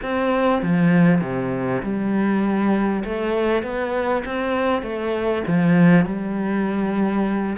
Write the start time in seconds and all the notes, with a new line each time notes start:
0.02 C4
0.62 F3
1.21 C3
1.82 G3
3.04 A3
3.63 B3
4.25 C4
4.82 A3
5.47 F3
6.05 G3